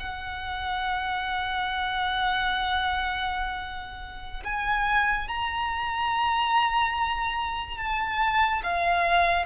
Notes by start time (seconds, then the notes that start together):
0.00 F#5
4.44 G#5
5.28 A#5
7.78 A5
8.64 F5